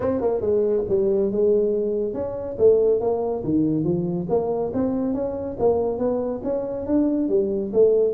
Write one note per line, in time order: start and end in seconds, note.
0.00 0.20 C4
0.20 0.41 A#3
0.41 0.83 G#3
0.88 1.31 G3
1.31 2.13 G#3
2.13 2.56 C#4
2.58 3.00 A3
3.00 3.43 A#3
3.43 3.84 D#3
3.84 4.26 F3
4.29 4.71 A#3
4.73 5.14 C4
5.14 5.56 C#4
5.59 5.98 A#3
5.98 6.41 B3
6.43 6.86 C#4
6.86 7.29 D4
7.29 7.71 G3
7.73 8.13 A3